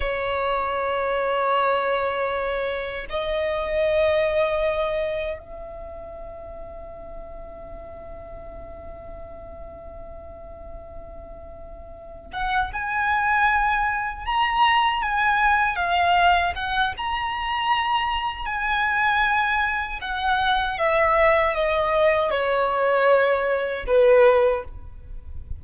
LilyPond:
\new Staff \with { instrumentName = "violin" } { \time 4/4 \tempo 4 = 78 cis''1 | dis''2. e''4~ | e''1~ | e''1 |
fis''8 gis''2 ais''4 gis''8~ | gis''8 f''4 fis''8 ais''2 | gis''2 fis''4 e''4 | dis''4 cis''2 b'4 | }